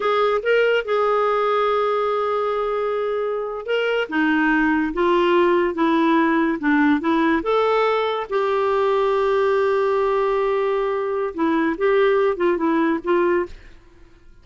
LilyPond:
\new Staff \with { instrumentName = "clarinet" } { \time 4/4 \tempo 4 = 143 gis'4 ais'4 gis'2~ | gis'1~ | gis'8. ais'4 dis'2 f'16~ | f'4.~ f'16 e'2 d'16~ |
d'8. e'4 a'2 g'16~ | g'1~ | g'2. e'4 | g'4. f'8 e'4 f'4 | }